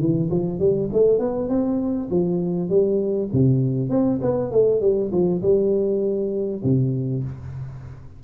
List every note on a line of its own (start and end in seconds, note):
0.00 0.30 E3
0.31 0.60 F3
0.60 0.90 G3
0.93 1.19 A3
1.19 1.49 B3
1.49 2.09 C4
2.11 2.70 F3
2.70 3.30 G3
3.33 3.90 C3
3.90 4.20 C4
4.22 4.52 B3
4.52 4.81 A3
4.81 5.11 G3
5.12 5.42 F3
5.42 6.62 G3
6.64 7.24 C3